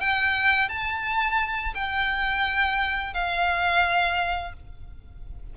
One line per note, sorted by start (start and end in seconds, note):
0.00 0.69 G5
0.69 1.73 A5
1.74 3.13 G5
3.13 4.53 F5